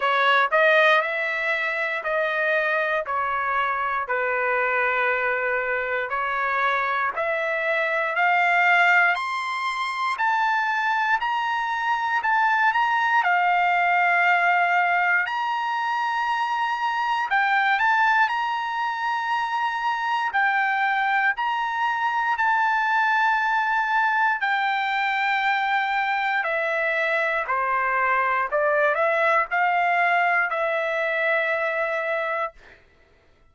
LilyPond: \new Staff \with { instrumentName = "trumpet" } { \time 4/4 \tempo 4 = 59 cis''8 dis''8 e''4 dis''4 cis''4 | b'2 cis''4 e''4 | f''4 c'''4 a''4 ais''4 | a''8 ais''8 f''2 ais''4~ |
ais''4 g''8 a''8 ais''2 | g''4 ais''4 a''2 | g''2 e''4 c''4 | d''8 e''8 f''4 e''2 | }